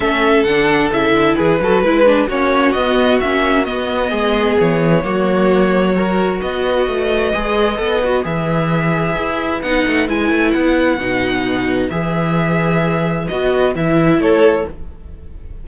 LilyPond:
<<
  \new Staff \with { instrumentName = "violin" } { \time 4/4 \tempo 4 = 131 e''4 fis''4 e''4 b'4~ | b'4 cis''4 dis''4 e''4 | dis''2 cis''2~ | cis''2 dis''2~ |
dis''2 e''2~ | e''4 fis''4 gis''4 fis''4~ | fis''2 e''2~ | e''4 dis''4 e''4 cis''4 | }
  \new Staff \with { instrumentName = "violin" } { \time 4/4 a'2. gis'8 a'8 | b'4 fis'2.~ | fis'4 gis'2 fis'4~ | fis'4 ais'4 b'2~ |
b'1~ | b'1~ | b'1~ | b'2. a'4 | }
  \new Staff \with { instrumentName = "viola" } { \time 4/4 cis'4 d'4 e'4. fis'8 | e'8 d'8 cis'4 b4 cis'4 | b2. ais4~ | ais4 fis'2. |
gis'4 a'8 fis'8 gis'2~ | gis'4 dis'4 e'2 | dis'2 gis'2~ | gis'4 fis'4 e'2 | }
  \new Staff \with { instrumentName = "cello" } { \time 4/4 a4 d4 cis8 d8 e8 fis8 | gis4 ais4 b4 ais4 | b4 gis4 e4 fis4~ | fis2 b4 a4 |
gis4 b4 e2 | e'4 b8 a8 gis8 a8 b4 | b,2 e2~ | e4 b4 e4 a4 | }
>>